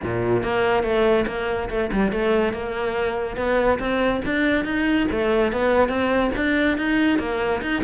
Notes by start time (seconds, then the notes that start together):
0.03 A#2
0.43 A#3
0.83 A3
1.27 A#3
1.69 A3
1.92 G3
2.12 A3
2.53 A#3
3.36 B3
3.79 C4
4.25 D4
4.65 D#4
5.11 A3
5.52 B3
5.88 C4
6.36 D4
6.77 D#4
7.18 A#3
7.61 D#4